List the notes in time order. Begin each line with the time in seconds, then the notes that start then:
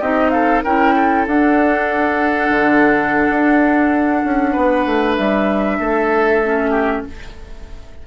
0.00 C4 D#4 G4 D#5
0.30 A4 F5
0.64 C#4 E4 A#4 G5
0.96 A4
1.27 D4 F#5
2.51 D3
3.30 D4
4.24 C#4
4.53 B3 B4
4.86 A3
5.17 G3 E5
5.80 A3 A4
6.45 C#4
6.71 G4